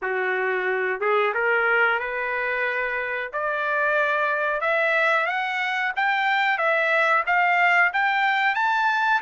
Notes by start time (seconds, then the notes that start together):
0.01 F#4
1.00 G#4
1.34 A#4
1.99 B4
3.33 D5
4.60 E5
5.26 F#5
5.96 G5
6.58 E5
7.26 F5
7.93 G5
8.54 A5